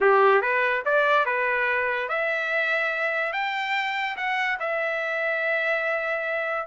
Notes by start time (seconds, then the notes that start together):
0.01 G4
0.41 B4
0.85 D5
1.25 B4
2.08 E5
3.33 G5
4.16 F#5
4.59 E5